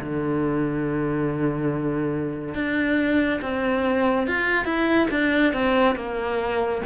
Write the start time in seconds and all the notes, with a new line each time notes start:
0.00 D3
2.55 D4
3.42 C4
4.28 F4
4.65 E4
5.11 D4
5.54 C4
5.96 A#3